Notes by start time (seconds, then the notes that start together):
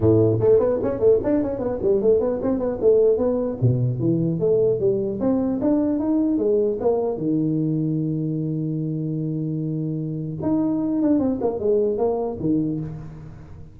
0.00 A2
0.39 A3
0.59 B3
0.82 C#4
0.99 A3
1.23 D4
1.42 C#4
1.58 B3
1.81 G3
2.01 A3
2.20 B3
2.41 C4
2.59 B3
2.81 A3
3.17 B3
3.61 B2
3.99 E3
4.39 A3
4.79 G3
5.20 C4
5.61 D4
5.99 D#4
6.38 G#3
6.80 A#3
7.17 D#3
10.41 D#4
11.01 D4
11.19 C4
11.41 A#3
11.59 G#3
11.97 A#3
12.40 D#3